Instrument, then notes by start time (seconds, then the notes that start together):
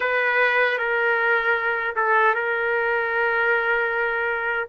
trumpet
0.00 B4
0.78 A#4
1.96 A4
2.34 A#4